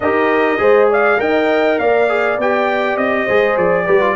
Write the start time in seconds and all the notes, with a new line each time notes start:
0.00 D#4 G4 A#4 D#5
0.58 G#3 G#4 C5
0.90 D5 F5
1.18 D#4 A#4 D#5 G5
1.78 A#3 D5 F5
2.08 G#4
2.37 B3 G4 G5
2.97 C4 D#5
3.25 G#3 G#4 C5
3.57 F3 D5
3.85 G3 G4 B4
4.00 F4